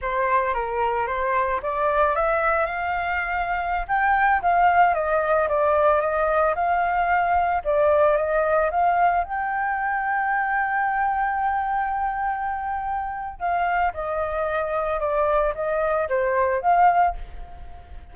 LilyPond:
\new Staff \with { instrumentName = "flute" } { \time 4/4 \tempo 4 = 112 c''4 ais'4 c''4 d''4 | e''4 f''2~ f''16 g''8.~ | g''16 f''4 dis''4 d''4 dis''8.~ | dis''16 f''2 d''4 dis''8.~ |
dis''16 f''4 g''2~ g''8.~ | g''1~ | g''4 f''4 dis''2 | d''4 dis''4 c''4 f''4 | }